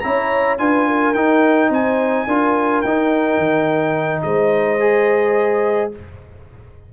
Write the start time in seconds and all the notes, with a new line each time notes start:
0.00 C#4 E4 C#5 A#5
0.58 D4 F4 B4 G#5
0.88 A#4
1.14 D#4 G5
1.69 C4 C5 G#5
2.27 D4 F4 A#4
2.82 D#4 G5
3.38 D#3
4.22 G#3 C5 D#5
4.80 G#4